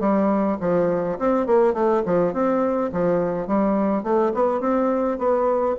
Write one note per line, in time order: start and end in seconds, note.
0.00 0.58 G3
0.61 1.19 F3
1.19 1.47 C4
1.47 1.74 A#3
1.74 2.02 A3
2.06 2.33 F3
2.33 2.91 C4
2.92 3.47 F3
3.47 4.03 G3
4.03 4.32 A3
4.34 4.61 B3
4.61 5.18 C4
5.18 5.76 B3